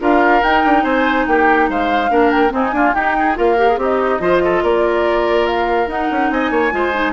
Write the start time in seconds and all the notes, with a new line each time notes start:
0.00 D4 F4 A#4 F5
0.43 D#4 G5
0.65 D4
0.84 C4 C5 G#5
1.27 A#3 G4 G5
1.69 G#3 C5 F5
2.09 A#3 D4 A#4
2.31 G5
2.49 C4 D#4 G#5
2.73 A#3 D4 F4
2.94 D#4 G4 G5
3.19 G#4
3.35 A#3 F4 A#4 F5
3.58 G4
3.68 G#4
3.77 C4 D#4 G4 D#5
4.20 F3 F4 C5
4.44 A4
4.63 A#3 A#4 D5
5.46 F5
5.87 D#4 F#5
6.11 C#4
6.31 C4 D#5 G#5
6.51 A#3 C#5
6.71 G#3 F4 C5
6.94 D#4